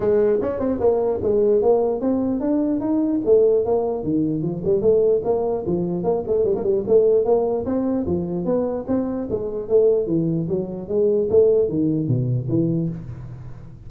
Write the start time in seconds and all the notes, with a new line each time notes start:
0.00 G#3
0.41 C#4
0.59 C4
0.80 A#3
1.22 G#3
1.62 A#3
2.00 C4
2.40 D4
2.80 D#4
3.25 A3
3.65 A#3
4.03 D#3
4.42 F3
4.64 G3
4.81 A3
5.24 A#3
5.66 F3
6.03 A#3
6.27 A3
6.44 G3
6.55 A#3
6.63 G3
6.87 A3
7.24 A#3
7.65 C4
8.06 F3
8.45 B3
8.87 C4
9.29 G#3
9.68 A3
10.06 E3
10.48 F#3
10.88 G#3
11.30 A3
11.69 D#3
12.07 B2
12.48 E3